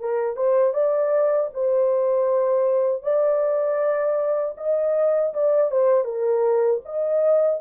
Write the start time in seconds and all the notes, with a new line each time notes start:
0.00 A#4
0.37 C5
0.74 D5
1.54 C5
3.03 D5
4.57 D#5
5.34 D5
5.71 C5
6.04 A#4
6.85 D#5